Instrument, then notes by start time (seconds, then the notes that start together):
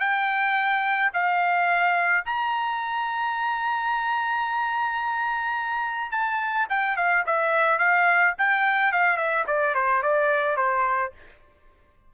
trumpet
0.00 G5
1.14 F5
2.26 A#5
6.12 A5
6.70 G5
6.97 F5
7.27 E5
7.79 F5
8.39 G5
8.93 F5
9.17 E5
9.47 D5
9.75 C5
10.03 D5
10.57 C5